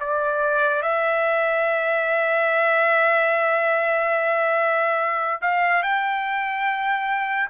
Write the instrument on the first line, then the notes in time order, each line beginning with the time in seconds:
trumpet
0.00 D5
0.83 E5
5.41 F5
5.83 G5